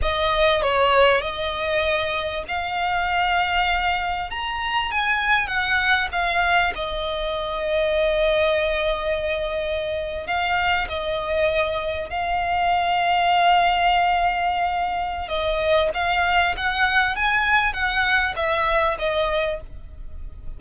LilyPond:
\new Staff \with { instrumentName = "violin" } { \time 4/4 \tempo 4 = 98 dis''4 cis''4 dis''2 | f''2. ais''4 | gis''4 fis''4 f''4 dis''4~ | dis''1~ |
dis''8. f''4 dis''2 f''16~ | f''1~ | f''4 dis''4 f''4 fis''4 | gis''4 fis''4 e''4 dis''4 | }